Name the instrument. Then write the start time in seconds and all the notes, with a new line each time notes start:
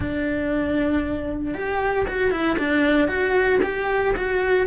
cello
0.00 D4
1.54 G4
2.07 F#4
2.31 E4
2.58 D4
3.08 F#4
3.62 G4
4.16 F#4